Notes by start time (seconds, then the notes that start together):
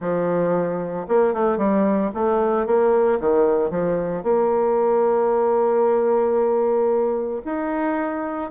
0.00 F3
1.08 A#3
1.33 A3
1.57 G3
2.14 A3
2.66 A#3
3.20 D#3
3.70 F3
4.23 A#3
7.45 D#4